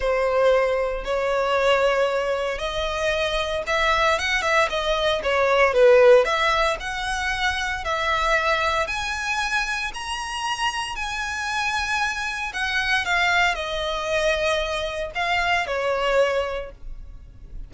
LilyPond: \new Staff \with { instrumentName = "violin" } { \time 4/4 \tempo 4 = 115 c''2 cis''2~ | cis''4 dis''2 e''4 | fis''8 e''8 dis''4 cis''4 b'4 | e''4 fis''2 e''4~ |
e''4 gis''2 ais''4~ | ais''4 gis''2. | fis''4 f''4 dis''2~ | dis''4 f''4 cis''2 | }